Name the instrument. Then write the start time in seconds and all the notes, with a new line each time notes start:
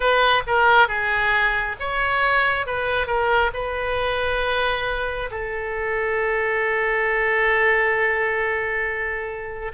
oboe
0.00 B4
0.47 A#4
0.87 G#4
1.79 C#5
2.66 B4
3.06 A#4
3.53 B4
5.31 A4